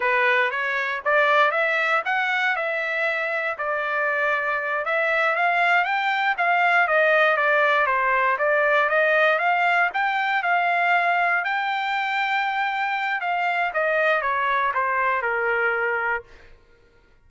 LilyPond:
\new Staff \with { instrumentName = "trumpet" } { \time 4/4 \tempo 4 = 118 b'4 cis''4 d''4 e''4 | fis''4 e''2 d''4~ | d''4. e''4 f''4 g''8~ | g''8 f''4 dis''4 d''4 c''8~ |
c''8 d''4 dis''4 f''4 g''8~ | g''8 f''2 g''4.~ | g''2 f''4 dis''4 | cis''4 c''4 ais'2 | }